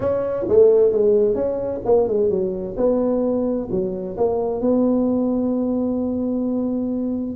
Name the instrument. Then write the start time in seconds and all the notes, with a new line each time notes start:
tuba
0.00 C#4
0.48 A3
0.92 G#3
1.34 C#4
1.85 A#3
2.08 G#3
2.30 F#3
2.76 B3
3.70 F#3
4.17 A#3
4.60 B3